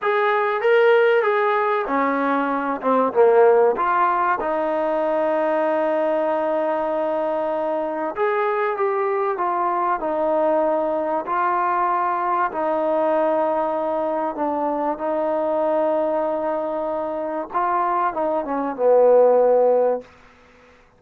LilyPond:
\new Staff \with { instrumentName = "trombone" } { \time 4/4 \tempo 4 = 96 gis'4 ais'4 gis'4 cis'4~ | cis'8 c'8 ais4 f'4 dis'4~ | dis'1~ | dis'4 gis'4 g'4 f'4 |
dis'2 f'2 | dis'2. d'4 | dis'1 | f'4 dis'8 cis'8 b2 | }